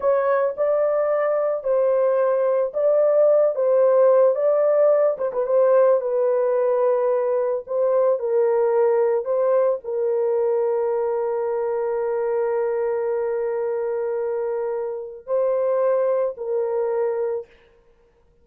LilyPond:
\new Staff \with { instrumentName = "horn" } { \time 4/4 \tempo 4 = 110 cis''4 d''2 c''4~ | c''4 d''4. c''4. | d''4. c''16 b'16 c''4 b'4~ | b'2 c''4 ais'4~ |
ais'4 c''4 ais'2~ | ais'1~ | ais'1 | c''2 ais'2 | }